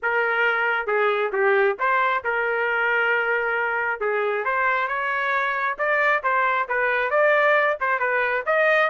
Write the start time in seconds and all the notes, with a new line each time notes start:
0.02 A#4
0.86 G#4
1.32 G4
1.79 C5
2.23 A#4
4.00 G#4
4.44 C5
4.87 C#5
5.78 D5
6.23 C5
6.68 B4
7.10 D5
7.80 C5
7.99 B4
8.46 D#5